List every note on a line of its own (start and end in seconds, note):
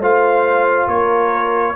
0.00 0.87 A3
0.00 1.76 F4
0.00 0.88 C5
0.00 0.89 F5
0.87 1.74 A#3
0.87 1.75 A#4
0.87 1.76 C#5